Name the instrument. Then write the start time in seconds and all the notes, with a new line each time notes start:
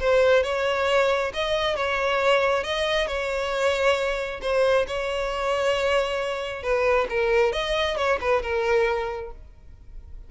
violin
0.00 C5
0.43 C#5
1.34 D#5
1.76 C#5
2.64 D#5
3.07 C#5
4.42 C5
4.87 C#5
6.63 B4
7.10 A#4
7.53 D#5
7.97 C#5
8.21 B4
8.42 A#4